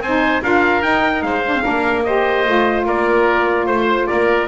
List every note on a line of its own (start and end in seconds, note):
0.00 0.41 C4
0.00 0.43 D#4
0.00 0.43 C5
0.00 0.42 G#5
0.43 0.83 D4
0.43 0.81 F4
0.43 1.24 A#4
0.43 0.82 F5
0.81 1.42 D#4
0.81 1.22 D#4
0.81 1.22 G5
1.22 1.62 G#3
1.22 1.63 C5
1.22 2.03 F5
1.45 1.55 D4
1.55 1.63 C4
1.63 2.47 A#3
1.63 2.04 D4
1.63 2.03 A#4
2.03 2.45 G4
2.03 2.86 C5
2.03 2.84 D#5
2.45 2.85 A3
2.45 4.47 F4
2.85 3.66 A#3
2.85 3.66 A#4
2.85 3.67 D5
3.66 4.07 A3
3.66 4.06 C5
3.66 4.07 C5
4.07 4.47 A#3
4.07 4.47 A#4
4.07 4.47 D5